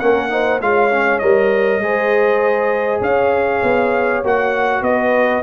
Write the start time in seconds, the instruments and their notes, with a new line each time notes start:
0.00 tuba A#3, trombone C#4, horn A#4, trumpet F#5
0.30 trombone D#4, horn C5
0.61 tuba G#3, trombone F4, horn C#5, trumpet F5
0.92 trombone C#4
1.19 tuba G3, trombone A#4, trumpet D#5
1.79 tuba G#3, trombone G#4, horn C5
3.01 tuba C#4, horn C#5, trumpet F5
3.63 tuba B3
4.24 tuba A#3, trombone F#4, trumpet F#5
4.82 tuba B3, trumpet D#5
4.89 horn B4